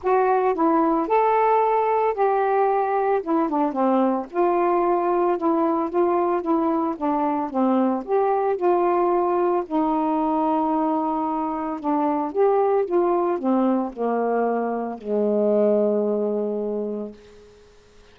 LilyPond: \new Staff \with { instrumentName = "saxophone" } { \time 4/4 \tempo 4 = 112 fis'4 e'4 a'2 | g'2 e'8 d'8 c'4 | f'2 e'4 f'4 | e'4 d'4 c'4 g'4 |
f'2 dis'2~ | dis'2 d'4 g'4 | f'4 c'4 ais2 | gis1 | }